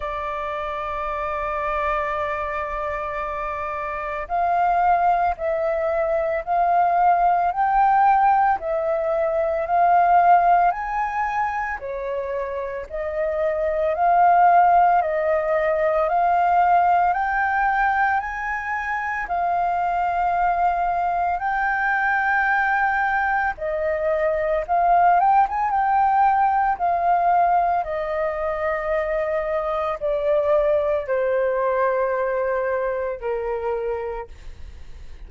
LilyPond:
\new Staff \with { instrumentName = "flute" } { \time 4/4 \tempo 4 = 56 d''1 | f''4 e''4 f''4 g''4 | e''4 f''4 gis''4 cis''4 | dis''4 f''4 dis''4 f''4 |
g''4 gis''4 f''2 | g''2 dis''4 f''8 g''16 gis''16 | g''4 f''4 dis''2 | d''4 c''2 ais'4 | }